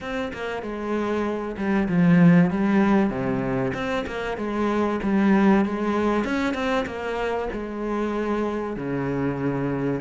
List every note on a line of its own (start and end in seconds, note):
0.00 0.32 C4
0.33 0.62 A#3
0.62 1.56 G#3
1.56 1.88 G3
1.88 2.50 F3
2.50 3.09 G3
3.09 3.72 C3
3.74 4.05 C4
4.07 4.37 A#3
4.37 4.99 G#3
5.02 5.65 G3
5.65 6.24 G#3
6.24 6.54 C#4
6.54 6.85 C4
6.86 7.48 A#3
7.52 8.76 G#3
8.76 10.01 C#3